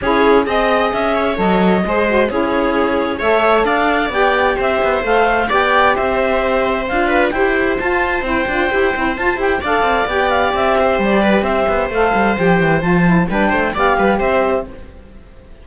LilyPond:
<<
  \new Staff \with { instrumentName = "clarinet" } { \time 4/4 \tempo 4 = 131 cis''4 dis''4 e''4 dis''4~ | dis''4 cis''2 e''4 | f''4 g''4 e''4 f''4 | g''4 e''2 f''4 |
g''4 a''4 g''2 | a''8 g''8 f''4 g''8 f''8 e''4 | d''4 e''4 f''4 g''4 | a''4 g''4 f''4 e''4 | }
  \new Staff \with { instrumentName = "viola" } { \time 4/4 gis'4 dis''4. cis''4. | c''4 gis'2 cis''4 | d''2 c''2 | d''4 c''2~ c''8 b'8 |
c''1~ | c''4 d''2~ d''8 c''8~ | c''8 b'8 c''2.~ | c''4 b'8 c''8 d''8 b'8 c''4 | }
  \new Staff \with { instrumentName = "saxophone" } { \time 4/4 e'4 gis'2 a'4 | gis'8 fis'8 e'2 a'4~ | a'4 g'2 a'4 | g'2. f'4 |
g'4 f'4 e'8 f'8 g'8 e'8 | f'8 g'8 a'4 g'2~ | g'2 a'4 g'4 | f'8 e'8 d'4 g'2 | }
  \new Staff \with { instrumentName = "cello" } { \time 4/4 cis'4 c'4 cis'4 fis4 | gis4 cis'2 a4 | d'4 b4 c'8 b8 a4 | b4 c'2 d'4 |
e'4 f'4 c'8 d'8 e'8 c'8 | f'8 e'8 d'8 c'8 b4 c'4 | g4 c'8 b8 a8 g8 f8 e8 | f4 g8 a8 b8 g8 c'4 | }
>>